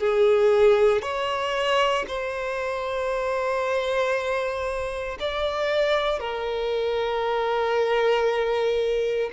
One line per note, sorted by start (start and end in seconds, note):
0.00 1.03 G#4
1.03 2.06 C#5
2.08 5.19 C5
5.20 6.20 D5
6.20 9.31 A#4